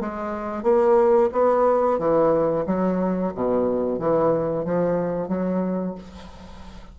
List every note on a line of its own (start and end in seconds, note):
0.00 0.63 G#3
0.63 1.30 A#3
1.32 1.98 B3
1.98 2.65 E3
2.66 3.33 F#3
3.34 3.99 B2
3.99 4.65 E3
4.65 5.28 F3
5.28 5.95 F#3